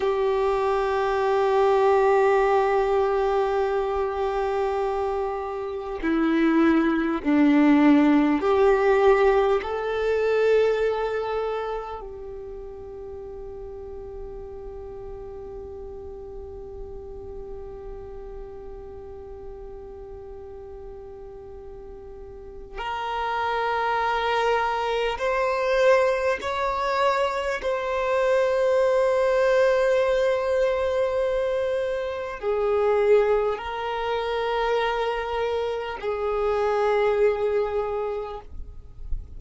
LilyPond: \new Staff \with { instrumentName = "violin" } { \time 4/4 \tempo 4 = 50 g'1~ | g'4 e'4 d'4 g'4 | a'2 g'2~ | g'1~ |
g'2. ais'4~ | ais'4 c''4 cis''4 c''4~ | c''2. gis'4 | ais'2 gis'2 | }